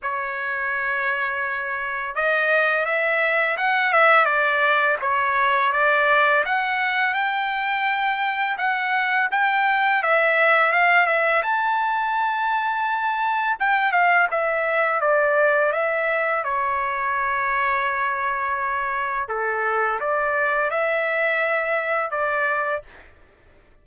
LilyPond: \new Staff \with { instrumentName = "trumpet" } { \time 4/4 \tempo 4 = 84 cis''2. dis''4 | e''4 fis''8 e''8 d''4 cis''4 | d''4 fis''4 g''2 | fis''4 g''4 e''4 f''8 e''8 |
a''2. g''8 f''8 | e''4 d''4 e''4 cis''4~ | cis''2. a'4 | d''4 e''2 d''4 | }